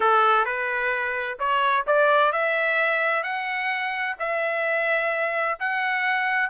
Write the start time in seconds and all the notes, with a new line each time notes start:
0.00 A4
0.45 B4
1.39 C#5
1.86 D5
2.32 E5
3.23 F#5
4.19 E5
5.59 F#5